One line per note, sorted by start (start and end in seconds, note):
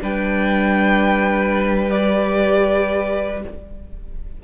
0.00 3.44 G3
0.00 1.90 D4
0.00 3.44 B4
0.00 1.90 G5
1.90 3.44 G4
1.90 3.42 D5